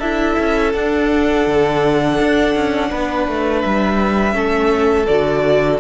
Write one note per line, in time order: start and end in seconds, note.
0.00 0.36 D4
0.00 0.74 E4
0.00 2.89 A4
0.00 0.73 E5
0.39 0.74 C#4
0.74 1.46 D4
0.74 4.33 D4
0.74 3.62 F#5
1.47 2.19 D3
2.20 2.55 D4
2.55 2.92 C#4
2.90 3.28 B3
2.90 4.35 B4
3.28 3.64 A3
3.62 4.34 G3
3.62 5.06 E5
4.33 5.07 A3
4.33 5.05 C#4
4.33 5.80 A4
5.07 5.80 D3
5.07 5.80 F#4
5.07 5.79 D5